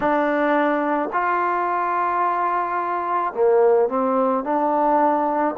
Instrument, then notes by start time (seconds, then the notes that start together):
trombone
0.00 D4
1.12 F4
3.33 A#3
3.88 C4
4.43 D4